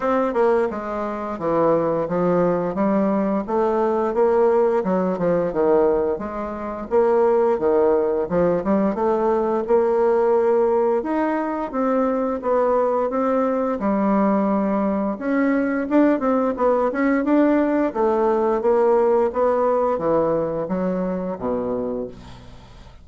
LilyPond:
\new Staff \with { instrumentName = "bassoon" } { \time 4/4 \tempo 4 = 87 c'8 ais8 gis4 e4 f4 | g4 a4 ais4 fis8 f8 | dis4 gis4 ais4 dis4 | f8 g8 a4 ais2 |
dis'4 c'4 b4 c'4 | g2 cis'4 d'8 c'8 | b8 cis'8 d'4 a4 ais4 | b4 e4 fis4 b,4 | }